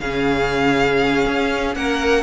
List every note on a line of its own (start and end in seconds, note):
0.00 1.25 C#3
0.00 2.22 C#4
0.00 1.76 G#4
0.00 1.75 F5
1.26 1.76 C#4
1.75 2.22 A#3
1.75 2.22 A#4
1.75 2.22 F#5